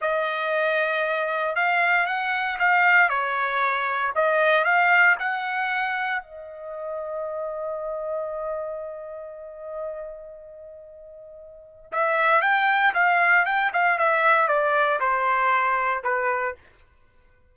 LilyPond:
\new Staff \with { instrumentName = "trumpet" } { \time 4/4 \tempo 4 = 116 dis''2. f''4 | fis''4 f''4 cis''2 | dis''4 f''4 fis''2 | dis''1~ |
dis''1~ | dis''2. e''4 | g''4 f''4 g''8 f''8 e''4 | d''4 c''2 b'4 | }